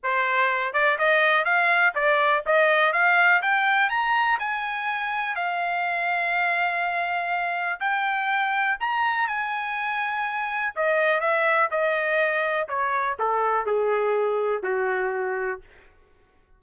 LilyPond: \new Staff \with { instrumentName = "trumpet" } { \time 4/4 \tempo 4 = 123 c''4. d''8 dis''4 f''4 | d''4 dis''4 f''4 g''4 | ais''4 gis''2 f''4~ | f''1 |
g''2 ais''4 gis''4~ | gis''2 dis''4 e''4 | dis''2 cis''4 a'4 | gis'2 fis'2 | }